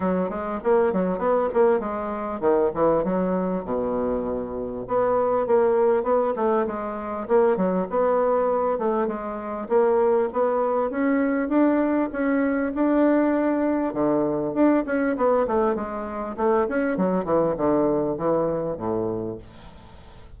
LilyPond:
\new Staff \with { instrumentName = "bassoon" } { \time 4/4 \tempo 4 = 99 fis8 gis8 ais8 fis8 b8 ais8 gis4 | dis8 e8 fis4 b,2 | b4 ais4 b8 a8 gis4 | ais8 fis8 b4. a8 gis4 |
ais4 b4 cis'4 d'4 | cis'4 d'2 d4 | d'8 cis'8 b8 a8 gis4 a8 cis'8 | fis8 e8 d4 e4 a,4 | }